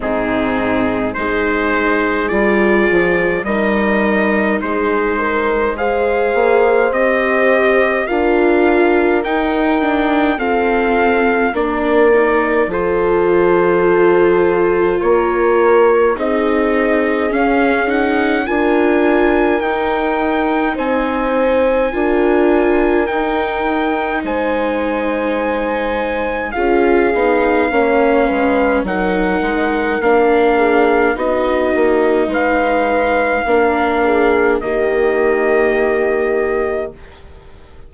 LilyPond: <<
  \new Staff \with { instrumentName = "trumpet" } { \time 4/4 \tempo 4 = 52 gis'4 c''4 d''4 dis''4 | c''4 f''4 dis''4 f''4 | g''4 f''4 d''4 c''4~ | c''4 cis''4 dis''4 f''8 fis''8 |
gis''4 g''4 gis''2 | g''4 gis''2 f''4~ | f''4 fis''4 f''4 dis''4 | f''2 dis''2 | }
  \new Staff \with { instrumentName = "horn" } { \time 4/4 dis'4 gis'2 ais'4 | gis'8 ais'8 c''2 ais'4~ | ais'4 a'4 ais'4 a'4~ | a'4 ais'4 gis'2 |
ais'2 c''4 ais'4~ | ais'4 c''2 gis'4 | cis''8 b'8 ais'4. gis'8 fis'4 | b'4 ais'8 gis'8 g'2 | }
  \new Staff \with { instrumentName = "viola" } { \time 4/4 c'4 dis'4 f'4 dis'4~ | dis'4 gis'4 g'4 f'4 | dis'8 d'8 c'4 d'8 dis'8 f'4~ | f'2 dis'4 cis'8 dis'8 |
f'4 dis'2 f'4 | dis'2. f'8 dis'8 | cis'4 dis'4 d'4 dis'4~ | dis'4 d'4 ais2 | }
  \new Staff \with { instrumentName = "bassoon" } { \time 4/4 gis,4 gis4 g8 f8 g4 | gis4. ais8 c'4 d'4 | dis'4 f'4 ais4 f4~ | f4 ais4 c'4 cis'4 |
d'4 dis'4 c'4 d'4 | dis'4 gis2 cis'8 b8 | ais8 gis8 fis8 gis8 ais4 b8 ais8 | gis4 ais4 dis2 | }
>>